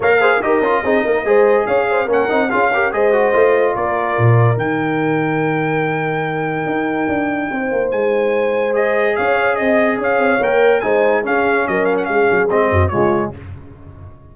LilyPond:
<<
  \new Staff \with { instrumentName = "trumpet" } { \time 4/4 \tempo 4 = 144 f''4 dis''2. | f''4 fis''4 f''4 dis''4~ | dis''4 d''2 g''4~ | g''1~ |
g''2. gis''4~ | gis''4 dis''4 f''4 dis''4 | f''4 g''4 gis''4 f''4 | dis''8 f''16 fis''16 f''4 dis''4 cis''4 | }
  \new Staff \with { instrumentName = "horn" } { \time 4/4 cis''8 c''8 ais'4 gis'8 ais'8 c''4 | cis''8 c''8 ais'4 gis'8 ais'8 c''4~ | c''4 ais'2.~ | ais'1~ |
ais'2 c''2~ | c''2 cis''4 dis''4 | cis''2 c''4 gis'4 | ais'4 gis'4. fis'8 f'4 | }
  \new Staff \with { instrumentName = "trombone" } { \time 4/4 ais'8 gis'8 g'8 f'8 dis'4 gis'4~ | gis'4 cis'8 dis'8 f'8 g'8 gis'8 fis'8 | f'2. dis'4~ | dis'1~ |
dis'1~ | dis'4 gis'2.~ | gis'4 ais'4 dis'4 cis'4~ | cis'2 c'4 gis4 | }
  \new Staff \with { instrumentName = "tuba" } { \time 4/4 ais4 dis'8 cis'8 c'8 ais8 gis4 | cis'4 ais8 c'8 cis'4 gis4 | a4 ais4 ais,4 dis4~ | dis1 |
dis'4 d'4 c'8 ais8 gis4~ | gis2 cis'4 c'4 | cis'8 c'8 ais4 gis4 cis'4 | fis4 gis8 fis8 gis8 fis,8 cis4 | }
>>